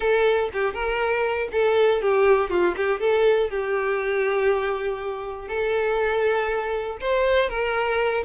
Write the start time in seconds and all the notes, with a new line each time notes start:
0.00 A4
0.53 G4
0.73 A#4
1.52 A4
2.01 G4
2.50 F4
2.77 G4
3.00 A4
3.50 G4
5.47 A4
7.00 C5
7.49 A#4